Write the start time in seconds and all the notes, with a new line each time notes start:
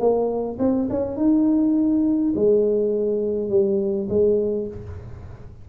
0.00 A#3
0.60 C4
0.90 C#4
1.17 D#4
2.36 G#3
3.50 G3
4.10 G#3